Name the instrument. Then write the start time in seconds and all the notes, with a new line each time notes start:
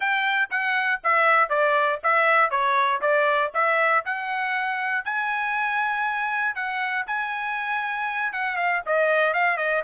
trumpet
0.00 G5
0.50 F#5
1.03 E5
1.49 D5
2.03 E5
2.50 C#5
3.01 D5
3.53 E5
4.05 F#5
5.04 G#5
6.55 F#5
7.06 G#5
8.32 F#5
8.56 F5
8.86 D#5
9.33 F5
9.57 D#5